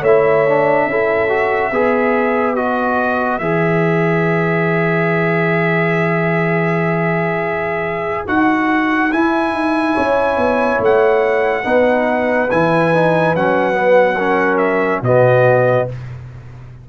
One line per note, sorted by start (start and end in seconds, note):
0.00 0.86 A3
0.00 0.48 E4
0.00 0.85 C#5
0.00 2.56 E5
0.48 0.90 D4
0.86 1.71 C#4
0.86 1.29 E4
0.86 1.72 A4
1.29 1.71 F#4
1.71 3.40 B3
1.71 2.56 G#4
1.71 9.94 B4
2.56 3.40 F#4
2.56 3.39 D#5
3.39 8.26 E3
3.39 8.27 G#4
3.39 8.24 E5
8.27 9.12 D#4
8.27 9.11 F#4
8.27 9.12 F#5
9.12 9.52 E4
9.12 11.64 E4
9.12 10.81 G#5
9.52 9.95 D#4
9.94 10.37 C#4
9.94 11.63 C#5
10.37 10.79 B3
10.79 11.64 A3
10.79 12.51 F#5
11.64 12.50 B3
11.64 12.48 D#4
11.64 14.17 B4
12.51 13.35 E3
12.51 12.94 E4
12.51 13.35 G#5
12.94 13.36 D#4
13.35 15.02 F#3
13.35 13.72 C#4
13.35 14.58 F#5
13.72 14.14 B3
14.17 15.04 C#4
14.17 15.02 A#4
14.58 15.00 E5
15.02 15.86 B2
15.02 15.89 B3
15.02 15.88 F#4
15.02 15.89 D#5